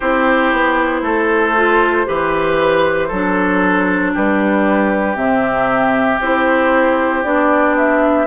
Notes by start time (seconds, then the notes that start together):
0.00 C4 E4 G4 C5
0.52 B3
1.02 A3 A4
1.56 F4
2.05 E3 G4 B4
3.08 F#3 A4
3.14 D4
4.13 G3 G4 B4
5.15 C3 C4 E5
6.20 C4 E4 C5
7.23 B3 D4 D5
7.77 E5